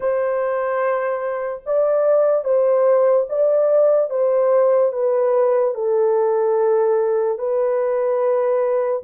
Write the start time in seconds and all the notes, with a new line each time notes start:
0.00 C5
1.66 D5
2.44 C5
3.29 D5
4.10 C5
4.92 B4
5.74 A4
7.38 B4